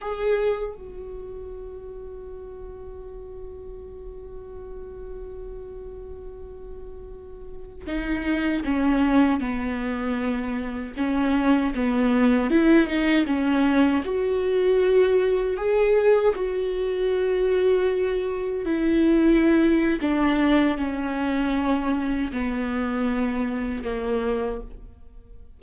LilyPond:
\new Staff \with { instrumentName = "viola" } { \time 4/4 \tempo 4 = 78 gis'4 fis'2.~ | fis'1~ | fis'2~ fis'16 dis'4 cis'8.~ | cis'16 b2 cis'4 b8.~ |
b16 e'8 dis'8 cis'4 fis'4.~ fis'16~ | fis'16 gis'4 fis'2~ fis'8.~ | fis'16 e'4.~ e'16 d'4 cis'4~ | cis'4 b2 ais4 | }